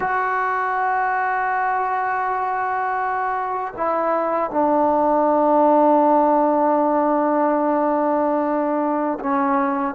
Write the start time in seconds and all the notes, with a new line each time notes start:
0.00 F#4
3.76 E4
4.50 D4
9.19 C#4